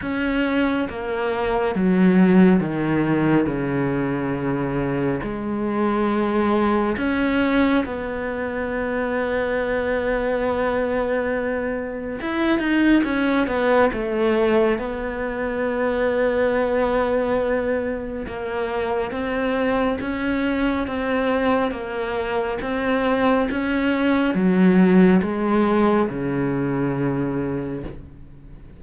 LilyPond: \new Staff \with { instrumentName = "cello" } { \time 4/4 \tempo 4 = 69 cis'4 ais4 fis4 dis4 | cis2 gis2 | cis'4 b2.~ | b2 e'8 dis'8 cis'8 b8 |
a4 b2.~ | b4 ais4 c'4 cis'4 | c'4 ais4 c'4 cis'4 | fis4 gis4 cis2 | }